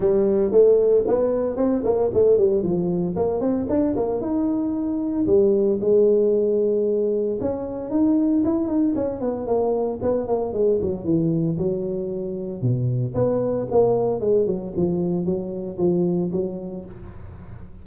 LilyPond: \new Staff \with { instrumentName = "tuba" } { \time 4/4 \tempo 4 = 114 g4 a4 b4 c'8 ais8 | a8 g8 f4 ais8 c'8 d'8 ais8 | dis'2 g4 gis4~ | gis2 cis'4 dis'4 |
e'8 dis'8 cis'8 b8 ais4 b8 ais8 | gis8 fis8 e4 fis2 | b,4 b4 ais4 gis8 fis8 | f4 fis4 f4 fis4 | }